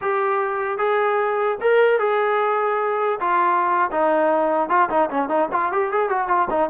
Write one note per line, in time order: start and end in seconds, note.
0.01 0.78 G4
0.78 1.58 G#4
1.60 1.99 A#4
1.99 3.19 G#4
3.20 3.90 F4
3.91 4.69 D#4
4.69 4.89 F4
4.89 5.09 D#4
5.10 5.29 C#4
5.29 5.49 D#4
5.52 5.72 F4
5.72 5.91 G4
5.91 6.09 G#4
6.09 6.28 F#4
6.28 6.48 F4
6.50 6.69 D#4